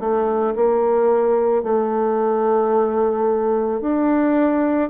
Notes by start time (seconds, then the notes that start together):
0.00 A3
0.56 A#3
1.64 A3
3.81 D4